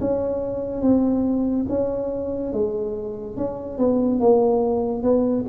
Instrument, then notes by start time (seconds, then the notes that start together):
tuba
0.00 C#4
0.81 C4
1.68 C#4
2.52 G#3
3.36 C#4
3.78 B3
4.19 A#3
5.02 B3